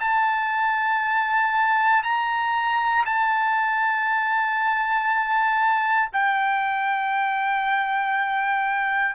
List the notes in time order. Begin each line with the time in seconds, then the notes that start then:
0.00 A5
2.03 A#5
3.06 A5
6.12 G5